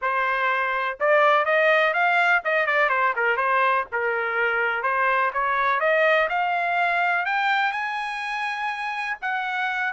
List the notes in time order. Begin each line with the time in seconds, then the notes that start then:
0.01 C5
0.99 D5
1.45 D#5
1.93 F5
2.44 D#5
2.66 D5
2.89 C5
3.15 A#4
3.37 C5
3.91 A#4
4.83 C5
5.33 C#5
5.80 D#5
6.29 F5
7.25 G5
7.72 G#5
9.21 F#5